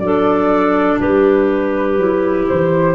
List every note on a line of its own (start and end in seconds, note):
0.00 0.98 F#3
0.00 1.99 D4
0.00 1.00 A4
0.00 0.99 D5
1.00 1.98 G3
1.00 2.96 G4
1.00 2.48 B4
1.98 2.47 F#3
1.98 2.96 E4
2.49 2.96 E3
2.49 2.96 C5